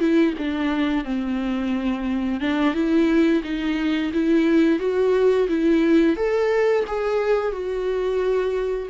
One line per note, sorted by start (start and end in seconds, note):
0.00 0.34 E4
0.38 1.04 D4
1.04 2.40 C4
2.40 2.74 D4
2.74 3.42 E4
3.44 4.12 D#4
4.13 4.79 E4
4.79 5.48 F#4
5.49 6.16 E4
6.16 6.85 A4
6.87 7.52 G#4
7.52 8.89 F#4